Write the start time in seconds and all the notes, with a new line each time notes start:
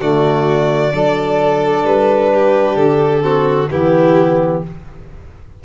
0.00 D3 A3 F#4 D5
0.92 F#3 D4 A4
1.84 G3 B4
2.33 G4
2.76 D3 A4
3.21 C4 F#4
3.71 E3 B3 E4 G4